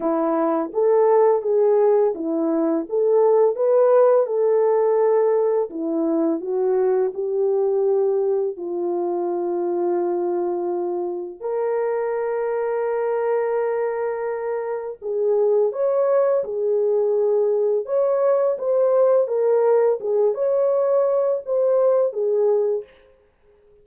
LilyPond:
\new Staff \with { instrumentName = "horn" } { \time 4/4 \tempo 4 = 84 e'4 a'4 gis'4 e'4 | a'4 b'4 a'2 | e'4 fis'4 g'2 | f'1 |
ais'1~ | ais'4 gis'4 cis''4 gis'4~ | gis'4 cis''4 c''4 ais'4 | gis'8 cis''4. c''4 gis'4 | }